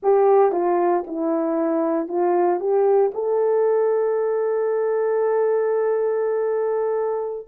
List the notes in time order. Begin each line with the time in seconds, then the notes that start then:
0.02 G4
0.52 F4
1.06 E4
2.08 F4
2.60 G4
3.14 A4